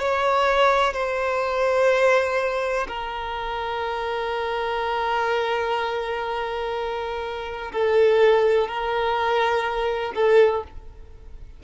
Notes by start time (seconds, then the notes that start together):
0.00 C#5
0.94 C5
2.88 A#4
7.72 A4
8.68 A#4
10.15 A4